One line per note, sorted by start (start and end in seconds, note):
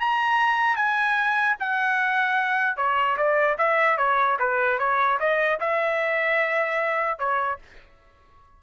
0.00 0.76 A#5
0.76 1.56 G#5
1.60 2.77 F#5
2.77 3.17 C#5
3.17 3.57 D5
3.58 3.98 E5
3.98 4.38 C#5
4.39 4.79 B4
4.79 5.19 C#5
5.20 5.60 D#5
5.60 7.19 E5
7.19 7.59 C#5